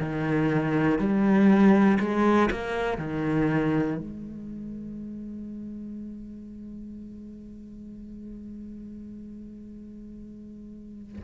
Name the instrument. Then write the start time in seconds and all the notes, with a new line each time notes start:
cello
0.00 D#3
0.99 G3
2.00 G#3
2.51 A#3
2.98 D#3
3.98 G#3